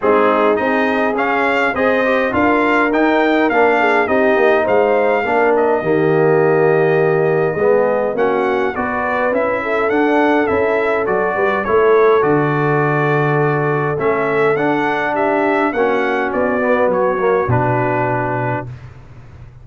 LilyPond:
<<
  \new Staff \with { instrumentName = "trumpet" } { \time 4/4 \tempo 4 = 103 gis'4 dis''4 f''4 dis''4 | f''4 g''4 f''4 dis''4 | f''4. dis''2~ dis''8~ | dis''2 fis''4 d''4 |
e''4 fis''4 e''4 d''4 | cis''4 d''2. | e''4 fis''4 e''4 fis''4 | d''4 cis''4 b'2 | }
  \new Staff \with { instrumentName = "horn" } { \time 4/4 dis'4 gis'2 c''4 | ais'2~ ais'8 gis'8 g'4 | c''4 ais'4 g'2~ | g'4 gis'4 fis'4 b'4~ |
b'8 a'2. b'8 | a'1~ | a'2 g'4 fis'4~ | fis'1 | }
  \new Staff \with { instrumentName = "trombone" } { \time 4/4 c'4 dis'4 cis'4 gis'8 g'8 | f'4 dis'4 d'4 dis'4~ | dis'4 d'4 ais2~ | ais4 b4 cis'4 fis'4 |
e'4 d'4 e'4 fis'4 | e'4 fis'2. | cis'4 d'2 cis'4~ | cis'8 b4 ais8 d'2 | }
  \new Staff \with { instrumentName = "tuba" } { \time 4/4 gis4 c'4 cis'4 c'4 | d'4 dis'4 ais4 c'8 ais8 | gis4 ais4 dis2~ | dis4 gis4 ais4 b4 |
cis'4 d'4 cis'4 fis8 g8 | a4 d2. | a4 d'2 ais4 | b4 fis4 b,2 | }
>>